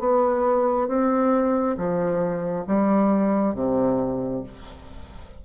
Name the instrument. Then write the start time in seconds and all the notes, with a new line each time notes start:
bassoon
0.00 B3
0.88 C4
1.78 F3
2.68 G3
3.55 C3